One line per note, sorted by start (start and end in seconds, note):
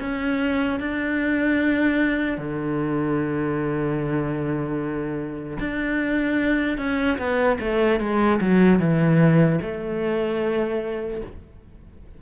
0.00 0.80 C#4
0.80 2.38 D4
2.38 5.58 D3
5.60 6.78 D4
6.78 7.18 C#4
7.19 7.59 B3
7.60 8.00 A3
8.00 8.40 G#3
8.41 8.80 F#3
8.80 9.60 E3
9.62 11.22 A3